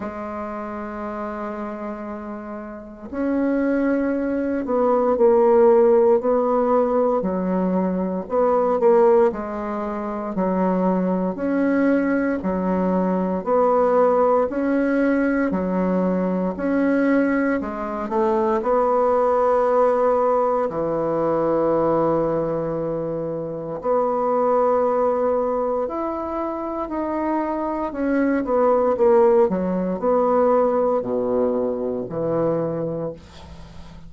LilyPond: \new Staff \with { instrumentName = "bassoon" } { \time 4/4 \tempo 4 = 58 gis2. cis'4~ | cis'8 b8 ais4 b4 fis4 | b8 ais8 gis4 fis4 cis'4 | fis4 b4 cis'4 fis4 |
cis'4 gis8 a8 b2 | e2. b4~ | b4 e'4 dis'4 cis'8 b8 | ais8 fis8 b4 b,4 e4 | }